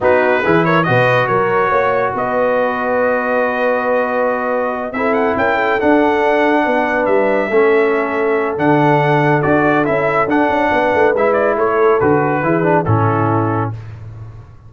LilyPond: <<
  \new Staff \with { instrumentName = "trumpet" } { \time 4/4 \tempo 4 = 140 b'4. cis''8 dis''4 cis''4~ | cis''4 dis''2.~ | dis''2.~ dis''8 e''8 | fis''8 g''4 fis''2~ fis''8~ |
fis''8 e''2.~ e''8 | fis''2 d''4 e''4 | fis''2 e''8 d''8 cis''4 | b'2 a'2 | }
  \new Staff \with { instrumentName = "horn" } { \time 4/4 fis'4 gis'8 ais'8 b'4 ais'4 | cis''4 b'2.~ | b'2.~ b'8 a'8~ | a'8 ais'8 a'2~ a'8 b'8~ |
b'4. a'2~ a'8~ | a'1~ | a'4 b'2 a'4~ | a'4 gis'4 e'2 | }
  \new Staff \with { instrumentName = "trombone" } { \time 4/4 dis'4 e'4 fis'2~ | fis'1~ | fis'2.~ fis'8 e'8~ | e'4. d'2~ d'8~ |
d'4. cis'2~ cis'8 | d'2 fis'4 e'4 | d'2 e'2 | fis'4 e'8 d'8 cis'2 | }
  \new Staff \with { instrumentName = "tuba" } { \time 4/4 b4 e4 b,4 fis4 | ais4 b2.~ | b2.~ b8 c'8~ | c'8 cis'4 d'2 b8~ |
b8 g4 a2~ a8 | d2 d'4 cis'4 | d'8 cis'8 b8 a8 gis4 a4 | d4 e4 a,2 | }
>>